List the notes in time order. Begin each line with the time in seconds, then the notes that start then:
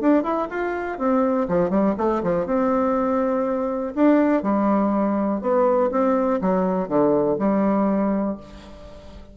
0.00 D4
0.23 E4
0.50 F4
0.98 C4
1.48 F3
1.70 G3
1.98 A3
2.23 F3
2.46 C4
3.95 D4
4.43 G3
5.41 B3
5.91 C4
6.41 F#3
6.88 D3
7.39 G3